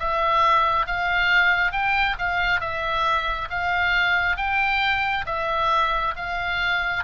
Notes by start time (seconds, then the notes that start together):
0.00 E5
0.87 F5
1.72 G5
2.19 F5
2.60 E5
3.50 F5
4.37 G5
5.26 E5
6.16 F5